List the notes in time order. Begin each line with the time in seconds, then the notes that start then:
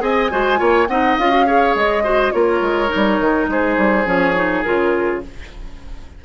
0.00 C4 G#4 D#5 G#5
0.30 G#3 F#4 C5
0.56 A#3 F4 C#5
0.87 C4 D#4 D#5 F#5
1.18 C#4 F4 F5
1.30 F#4
1.46 G#4 C#5
1.75 G#3 D#5
2.03 F#4 C5
2.31 A#3 F4 A#4 C#5
2.61 G#3
2.88 D#4
2.95 G3
3.19 D#3
3.47 G#3 G#4 C5
3.77 G3
4.05 F3 C#4 C#5
4.35 D#4
4.62 C#3 F4 A#4